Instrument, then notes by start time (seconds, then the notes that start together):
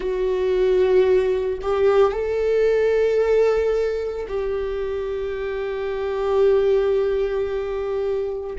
viola
0.00 F#4
1.62 G4
2.12 A4
4.28 G4